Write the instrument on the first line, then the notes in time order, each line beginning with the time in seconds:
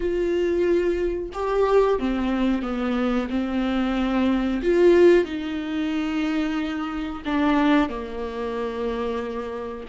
viola
0.00 F4
1.33 G4
1.99 C4
2.62 B3
3.29 C4
4.62 F4
5.24 D#4
7.25 D4
7.89 A#3